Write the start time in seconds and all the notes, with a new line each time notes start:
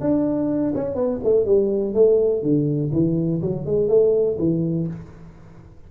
0.00 D4
0.75 C#4
0.95 B3
1.23 A3
1.45 G3
1.94 A3
2.42 D3
2.92 E3
3.41 F#3
3.65 G#3
3.88 A3
4.38 E3